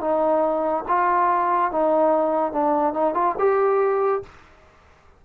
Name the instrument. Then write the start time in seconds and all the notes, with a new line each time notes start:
trombone
0.00 D#4
0.88 F4
1.71 D#4
2.52 D4
2.93 D#4
3.14 F4
3.38 G4